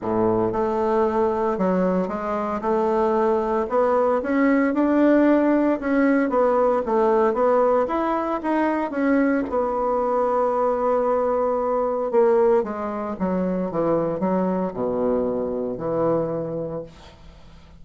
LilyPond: \new Staff \with { instrumentName = "bassoon" } { \time 4/4 \tempo 4 = 114 a,4 a2 fis4 | gis4 a2 b4 | cis'4 d'2 cis'4 | b4 a4 b4 e'4 |
dis'4 cis'4 b2~ | b2. ais4 | gis4 fis4 e4 fis4 | b,2 e2 | }